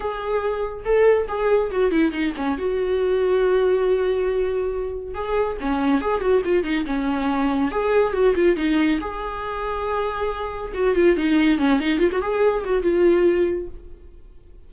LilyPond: \new Staff \with { instrumentName = "viola" } { \time 4/4 \tempo 4 = 140 gis'2 a'4 gis'4 | fis'8 e'8 dis'8 cis'8 fis'2~ | fis'1 | gis'4 cis'4 gis'8 fis'8 f'8 dis'8 |
cis'2 gis'4 fis'8 f'8 | dis'4 gis'2.~ | gis'4 fis'8 f'8 dis'4 cis'8 dis'8 | f'16 fis'16 gis'4 fis'8 f'2 | }